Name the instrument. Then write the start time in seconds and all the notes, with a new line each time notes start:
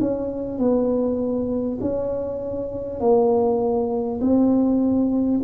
tuba
0.00 C#4
0.58 B3
1.81 C#4
2.99 A#3
4.20 C4